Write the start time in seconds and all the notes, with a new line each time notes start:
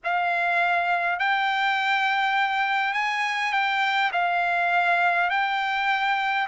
0.03 F5
1.19 G5
2.93 G#5
3.52 G5
4.12 F5
5.29 G5